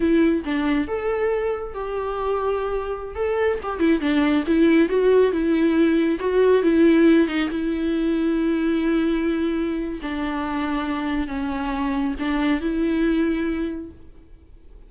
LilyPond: \new Staff \with { instrumentName = "viola" } { \time 4/4 \tempo 4 = 138 e'4 d'4 a'2 | g'2.~ g'16 a'8.~ | a'16 g'8 e'8 d'4 e'4 fis'8.~ | fis'16 e'2 fis'4 e'8.~ |
e'8. dis'8 e'2~ e'8.~ | e'2. d'4~ | d'2 cis'2 | d'4 e'2. | }